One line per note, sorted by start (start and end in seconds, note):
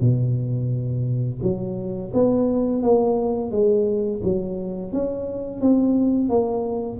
0.00 1.40 B2
1.42 2.12 F#3
2.13 2.82 B3
2.82 3.51 A#3
3.51 4.21 G#3
4.23 4.92 F#3
4.92 5.60 C#4
5.60 6.29 C4
6.29 6.99 A#3